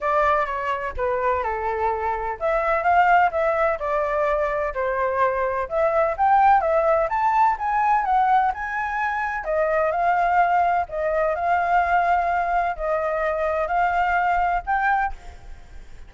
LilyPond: \new Staff \with { instrumentName = "flute" } { \time 4/4 \tempo 4 = 127 d''4 cis''4 b'4 a'4~ | a'4 e''4 f''4 e''4 | d''2 c''2 | e''4 g''4 e''4 a''4 |
gis''4 fis''4 gis''2 | dis''4 f''2 dis''4 | f''2. dis''4~ | dis''4 f''2 g''4 | }